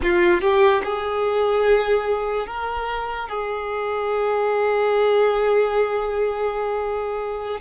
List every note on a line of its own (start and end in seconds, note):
0.02 0.40 F4
0.40 0.81 G4
0.83 2.47 G#4
2.47 3.29 A#4
3.29 7.60 G#4